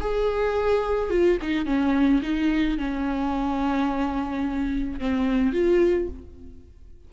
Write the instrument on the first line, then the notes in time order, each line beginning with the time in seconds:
viola
0.00 G#4
1.10 F4
1.41 D#4
1.65 C#4
2.22 D#4
2.78 C#4
4.99 C4
5.52 F4